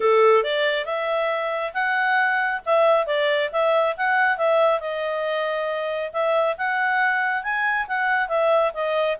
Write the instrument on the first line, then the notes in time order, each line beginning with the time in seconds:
clarinet
0.00 A4
0.43 D5
0.85 E5
1.73 F#5
2.65 E5
3.06 D5
3.52 E5
3.96 F#5
4.37 E5
4.80 D#5
6.12 E5
6.57 F#5
7.43 G#5
7.87 F#5
8.28 E5
8.73 D#5